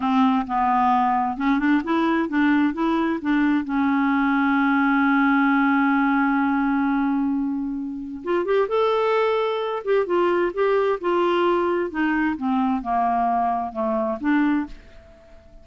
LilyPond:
\new Staff \with { instrumentName = "clarinet" } { \time 4/4 \tempo 4 = 131 c'4 b2 cis'8 d'8 | e'4 d'4 e'4 d'4 | cis'1~ | cis'1~ |
cis'2 f'8 g'8 a'4~ | a'4. g'8 f'4 g'4 | f'2 dis'4 c'4 | ais2 a4 d'4 | }